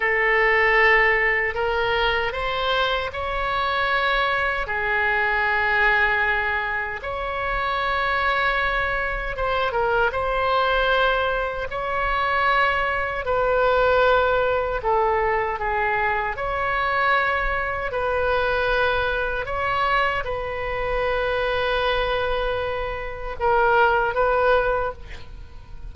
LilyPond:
\new Staff \with { instrumentName = "oboe" } { \time 4/4 \tempo 4 = 77 a'2 ais'4 c''4 | cis''2 gis'2~ | gis'4 cis''2. | c''8 ais'8 c''2 cis''4~ |
cis''4 b'2 a'4 | gis'4 cis''2 b'4~ | b'4 cis''4 b'2~ | b'2 ais'4 b'4 | }